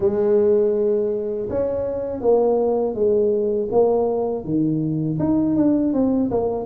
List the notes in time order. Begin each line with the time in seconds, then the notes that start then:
0.00 G#3
1.49 C#4
2.20 A#3
2.94 G#3
3.71 A#3
4.44 D#3
5.19 D#4
5.56 D4
5.93 C4
6.30 A#3